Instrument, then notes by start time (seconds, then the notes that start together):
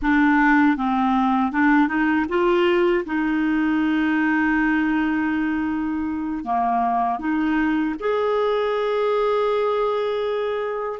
clarinet
0.01 D4
0.76 C4
1.52 D4
1.88 D#4
2.29 F4
3.05 D#4
6.44 A#3
7.19 D#4
7.99 G#4